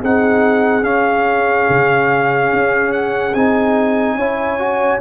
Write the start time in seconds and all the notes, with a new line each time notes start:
0.00 C4 D#4 G#4 F#5
0.83 C#4 F5
1.69 C#3
2.53 C#4
2.93 F#5
3.35 C4 D#4 G#5
4.15 C#4 E4 C#5
4.59 F#4